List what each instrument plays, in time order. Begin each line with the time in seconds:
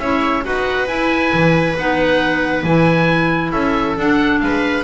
0.00 double bass C#4, clarinet E4, viola C#5, oboe E5
0.44 double bass D#4, clarinet F#4, viola B4, oboe F#5
0.87 clarinet E4, double bass E4, oboe G#5
1.33 double bass E3
1.78 double bass B3, clarinet D#4, oboe F#5
2.64 double bass E3, clarinet E4, oboe G#5
3.52 double bass C#4, viola A4, oboe E5
3.97 double bass D4, clarinet D4, oboe F#5
4.41 double bass G#3, viola B4, oboe F5